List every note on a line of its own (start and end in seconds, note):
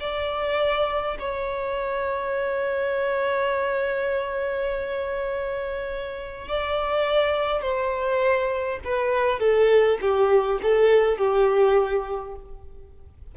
0.00 1.18 D5
1.19 6.48 C#5
6.48 7.61 D5
7.61 8.79 C5
8.84 9.40 B4
9.40 9.98 A4
10.01 10.60 G4
10.62 11.17 A4
11.17 12.35 G4